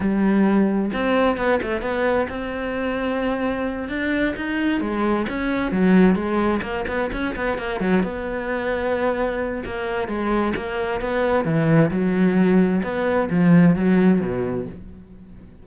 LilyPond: \new Staff \with { instrumentName = "cello" } { \time 4/4 \tempo 4 = 131 g2 c'4 b8 a8 | b4 c'2.~ | c'8 d'4 dis'4 gis4 cis'8~ | cis'8 fis4 gis4 ais8 b8 cis'8 |
b8 ais8 fis8 b2~ b8~ | b4 ais4 gis4 ais4 | b4 e4 fis2 | b4 f4 fis4 b,4 | }